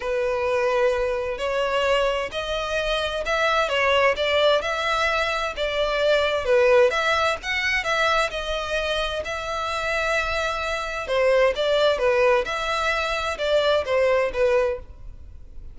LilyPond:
\new Staff \with { instrumentName = "violin" } { \time 4/4 \tempo 4 = 130 b'2. cis''4~ | cis''4 dis''2 e''4 | cis''4 d''4 e''2 | d''2 b'4 e''4 |
fis''4 e''4 dis''2 | e''1 | c''4 d''4 b'4 e''4~ | e''4 d''4 c''4 b'4 | }